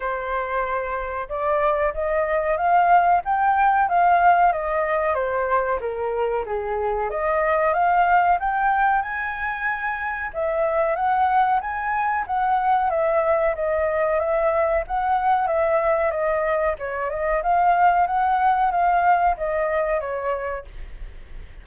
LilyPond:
\new Staff \with { instrumentName = "flute" } { \time 4/4 \tempo 4 = 93 c''2 d''4 dis''4 | f''4 g''4 f''4 dis''4 | c''4 ais'4 gis'4 dis''4 | f''4 g''4 gis''2 |
e''4 fis''4 gis''4 fis''4 | e''4 dis''4 e''4 fis''4 | e''4 dis''4 cis''8 dis''8 f''4 | fis''4 f''4 dis''4 cis''4 | }